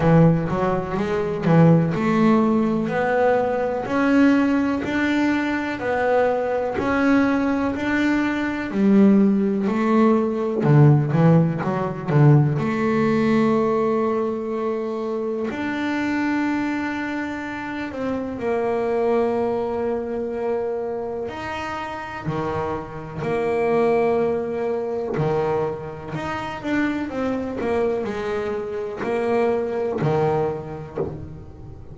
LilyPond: \new Staff \with { instrumentName = "double bass" } { \time 4/4 \tempo 4 = 62 e8 fis8 gis8 e8 a4 b4 | cis'4 d'4 b4 cis'4 | d'4 g4 a4 d8 e8 | fis8 d8 a2. |
d'2~ d'8 c'8 ais4~ | ais2 dis'4 dis4 | ais2 dis4 dis'8 d'8 | c'8 ais8 gis4 ais4 dis4 | }